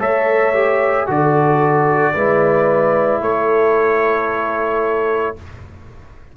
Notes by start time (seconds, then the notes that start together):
0.00 A3 A4 C#5 E5
0.54 G4
1.07 D3 F#4 A4 D5
2.14 G#3 E4 B4
3.21 A3 A4 C#5